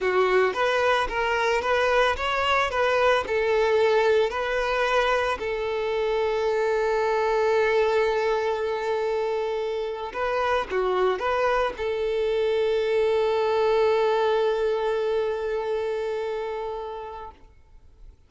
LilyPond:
\new Staff \with { instrumentName = "violin" } { \time 4/4 \tempo 4 = 111 fis'4 b'4 ais'4 b'4 | cis''4 b'4 a'2 | b'2 a'2~ | a'1~ |
a'2~ a'8. b'4 fis'16~ | fis'8. b'4 a'2~ a'16~ | a'1~ | a'1 | }